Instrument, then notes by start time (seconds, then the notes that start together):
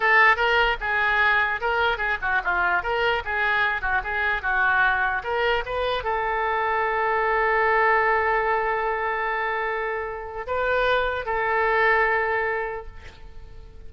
oboe
0.00 A4
0.36 A#4
0.80 G#4
1.60 A#4
1.97 G#4
2.21 F#4
2.44 F4
2.82 A#4
3.24 G#4
3.81 F#4
4.03 G#4
4.41 F#4
5.23 A#4
5.65 B4
6.03 A4
10.46 B4
11.25 A4